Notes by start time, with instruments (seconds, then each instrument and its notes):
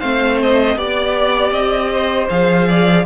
0.00 cello A3, viola C4, violin C5 F5
0.43 violin D#5
0.76 cello B3, viola G4, violin D5
1.51 cello C4, violin D#5
1.93 violin C5
2.30 cello F3, viola G#4, violin F5
2.69 violin D5